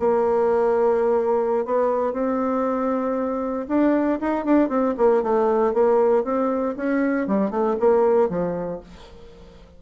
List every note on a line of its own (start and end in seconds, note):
0.00 1.66 A#3
1.66 2.13 B3
2.13 3.67 C4
3.68 4.20 D4
4.21 4.45 D#4
4.45 4.69 D4
4.69 4.95 C4
4.97 5.23 A#3
5.23 5.74 A3
5.74 6.24 A#3
6.24 6.76 C4
6.77 7.28 C#4
7.28 7.51 G3
7.51 7.76 A3
7.80 8.29 A#3
8.29 8.81 F3